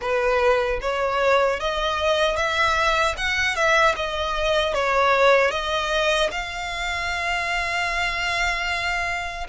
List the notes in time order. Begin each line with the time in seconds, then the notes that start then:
0.01 B4
0.81 C#5
1.60 D#5
2.36 E5
3.17 F#5
3.55 E5
3.95 D#5
4.74 C#5
5.50 D#5
6.31 F5